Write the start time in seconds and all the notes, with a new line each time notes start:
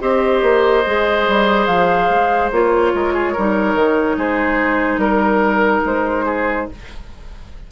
0.00 C4 G4 C5 D#5
0.42 A#3
0.86 G#3 G#4
1.28 G3
1.66 F3 F5
2.09 G#3
2.51 A#3 F4 C#5
2.94 G#3 A#4
3.14 G#4
3.32 G3 D#4 A#4
3.74 D#3
4.17 G#3 G#4 C5
4.97 G3 A#4
5.85 G#3 C5
6.25 G#4